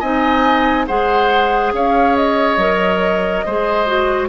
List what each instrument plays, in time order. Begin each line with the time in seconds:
0.00 bassoon C4, clarinet D#4, oboe D#5, flute G#5
0.87 bassoon G#3, clarinet G#4, oboe C5, flute F#5
1.72 bassoon C#4, oboe C#5, flute F5
2.16 flute D#5
2.57 bassoon F#3, clarinet A#4
3.46 bassoon G#3, clarinet G#4, oboe C5
3.86 clarinet F#4